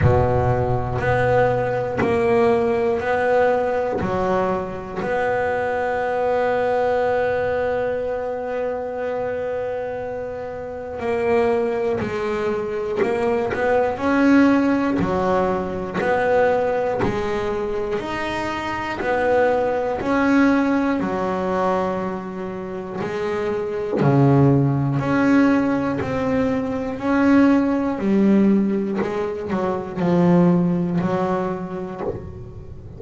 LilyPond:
\new Staff \with { instrumentName = "double bass" } { \time 4/4 \tempo 4 = 60 b,4 b4 ais4 b4 | fis4 b2.~ | b2. ais4 | gis4 ais8 b8 cis'4 fis4 |
b4 gis4 dis'4 b4 | cis'4 fis2 gis4 | cis4 cis'4 c'4 cis'4 | g4 gis8 fis8 f4 fis4 | }